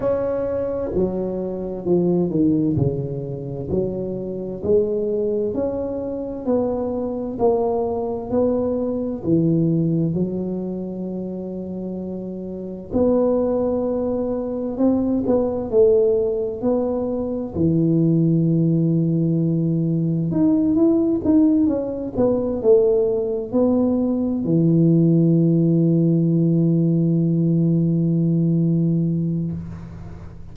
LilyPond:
\new Staff \with { instrumentName = "tuba" } { \time 4/4 \tempo 4 = 65 cis'4 fis4 f8 dis8 cis4 | fis4 gis4 cis'4 b4 | ais4 b4 e4 fis4~ | fis2 b2 |
c'8 b8 a4 b4 e4~ | e2 dis'8 e'8 dis'8 cis'8 | b8 a4 b4 e4.~ | e1 | }